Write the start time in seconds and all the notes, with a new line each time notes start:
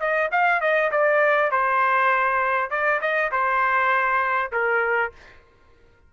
0.00 D#5
0.32 F5
0.61 D#5
0.91 D5
1.51 C5
2.71 D5
3.01 D#5
3.32 C5
4.52 A#4